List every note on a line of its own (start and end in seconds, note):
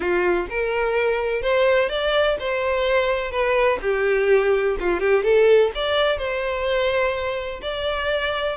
0.00 0.46 F4
0.49 1.42 A#4
1.42 1.89 C5
1.89 2.36 D5
2.39 3.31 C5
3.31 3.78 B4
3.81 4.76 G4
4.79 5.00 F4
5.00 5.23 G4
5.23 5.71 A4
5.74 6.18 D5
6.18 7.61 C5
7.62 8.57 D5